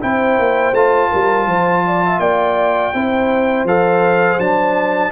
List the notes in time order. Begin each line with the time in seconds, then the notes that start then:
0.00 C4 E4 C5 G5
0.39 A#3
0.72 A3 F4 A5
1.10 G3 A#4
1.46 F3 C5
1.86 D5
2.05 E5
2.19 A#3 D5 G5
2.94 C4 E4 C5
3.64 F3 A4 F5
4.38 F#3 D4 A5